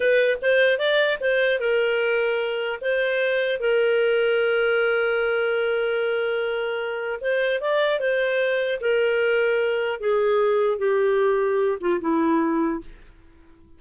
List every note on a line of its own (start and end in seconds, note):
0.00 0.38 B4
0.41 0.78 C5
0.78 1.18 D5
1.20 1.59 C5
1.59 2.79 A#4
2.81 3.60 C5
3.60 7.20 A#4
7.20 7.60 C5
7.60 7.99 D5
7.99 8.79 C5
8.80 10.00 A#4
10.00 10.78 G#4
10.78 11.78 G4
11.80 12.00 F4
12.00 12.80 E4